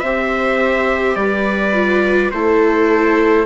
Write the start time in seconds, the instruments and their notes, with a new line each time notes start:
0.00 bassoon C4, viola G4 C5, trumpet E5
1.15 bassoon G3, viola B4, trumpet D5
1.73 viola F4
2.31 bassoon A3, viola E4 A4, trumpet C5